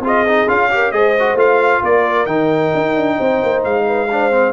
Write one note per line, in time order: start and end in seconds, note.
0.00 0.45 C4
0.00 0.27 F4
0.00 0.71 G#4
0.07 0.49 D#5
0.27 0.48 D#4
0.48 0.92 C#4
0.48 0.70 F4
0.48 0.92 F5
0.71 0.93 G4
0.71 0.94 A#4
0.92 1.34 G#3
0.92 1.15 G#4
0.92 1.83 C5
0.92 1.37 D#5
1.19 1.37 F#4
1.34 1.80 A3
1.34 2.27 F4
1.34 1.84 F5
1.83 2.26 A#3
1.83 3.17 A#4
1.83 2.26 D5
2.26 2.71 D#3
2.26 4.08 D#4
2.26 3.62 G5
2.75 2.96 D#4
2.96 3.18 D4
3.17 3.43 C4
3.17 3.85 C5
3.43 3.64 A#3
3.64 4.52 G#3
3.64 4.52 F5
3.87 4.09 B4
4.11 4.31 D4
4.11 4.52 C5
4.31 4.52 C4